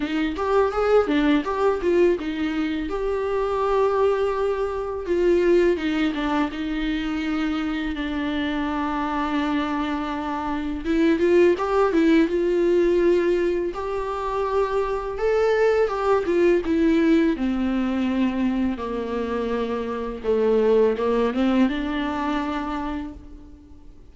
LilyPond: \new Staff \with { instrumentName = "viola" } { \time 4/4 \tempo 4 = 83 dis'8 g'8 gis'8 d'8 g'8 f'8 dis'4 | g'2. f'4 | dis'8 d'8 dis'2 d'4~ | d'2. e'8 f'8 |
g'8 e'8 f'2 g'4~ | g'4 a'4 g'8 f'8 e'4 | c'2 ais2 | a4 ais8 c'8 d'2 | }